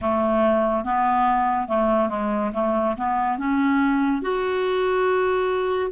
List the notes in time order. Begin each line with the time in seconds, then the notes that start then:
0.01 A3
0.84 B3
1.68 A3
2.09 G#3
2.53 A3
2.97 B3
3.38 C#4
4.22 F#4